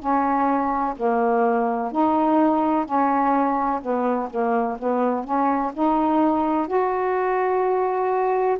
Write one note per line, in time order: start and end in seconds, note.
0.00 0.95 C#4
0.97 1.92 A#3
1.92 2.86 D#4
2.86 3.81 C#4
3.82 4.29 B3
4.30 4.78 A#3
4.79 5.25 B3
5.25 5.72 C#4
5.74 6.68 D#4
6.68 8.58 F#4